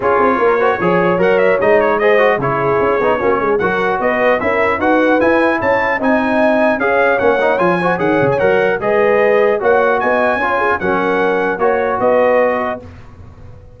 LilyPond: <<
  \new Staff \with { instrumentName = "trumpet" } { \time 4/4 \tempo 4 = 150 cis''2. fis''8 e''8 | dis''8 cis''8 dis''4 cis''2~ | cis''4 fis''4 dis''4 e''4 | fis''4 gis''4 a''4 gis''4~ |
gis''4 f''4 fis''4 gis''4 | fis''8. gis''16 fis''4 dis''2 | fis''4 gis''2 fis''4~ | fis''4 cis''4 dis''2 | }
  \new Staff \with { instrumentName = "horn" } { \time 4/4 gis'4 ais'8 c''8 cis''2~ | cis''4 c''4 gis'2 | fis'8 gis'8 ais'4 b'4 ais'4 | b'2 cis''4 dis''4~ |
dis''4 cis''2~ cis''8 c''8 | cis''2 b'2 | cis''4 dis''4 cis''8 gis'8 ais'4~ | ais'4 cis''4 b'2 | }
  \new Staff \with { instrumentName = "trombone" } { \time 4/4 f'4. fis'8 gis'4 ais'4 | dis'4 gis'8 fis'8 e'4. dis'8 | cis'4 fis'2 e'4 | fis'4 e'2 dis'4~ |
dis'4 gis'4 cis'8 dis'8 f'8 fis'8 | gis'4 ais'4 gis'2 | fis'2 f'4 cis'4~ | cis'4 fis'2. | }
  \new Staff \with { instrumentName = "tuba" } { \time 4/4 cis'8 c'8 ais4 f4 fis4 | gis2 cis4 cis'8 b8 | ais8 gis8 fis4 b4 cis'4 | dis'4 e'4 cis'4 c'4~ |
c'4 cis'4 ais4 f4 | dis8 cis8 fis4 gis2 | ais4 b4 cis'4 fis4~ | fis4 ais4 b2 | }
>>